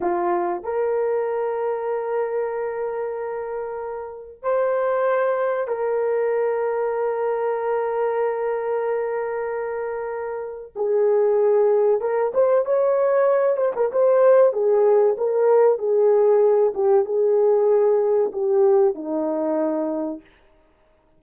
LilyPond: \new Staff \with { instrumentName = "horn" } { \time 4/4 \tempo 4 = 95 f'4 ais'2.~ | ais'2. c''4~ | c''4 ais'2.~ | ais'1~ |
ais'4 gis'2 ais'8 c''8 | cis''4. c''16 ais'16 c''4 gis'4 | ais'4 gis'4. g'8 gis'4~ | gis'4 g'4 dis'2 | }